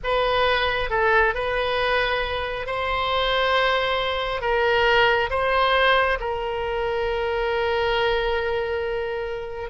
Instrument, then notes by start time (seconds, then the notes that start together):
oboe
0.03 B4
0.90 A4
1.34 B4
2.66 C5
4.41 A#4
5.29 C5
6.20 A#4